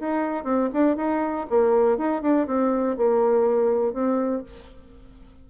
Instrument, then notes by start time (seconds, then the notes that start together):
bassoon
0.00 D#4
0.44 C4
0.73 D4
0.97 D#4
1.50 A#3
1.98 D#4
2.22 D4
2.47 C4
2.97 A#3
3.93 C4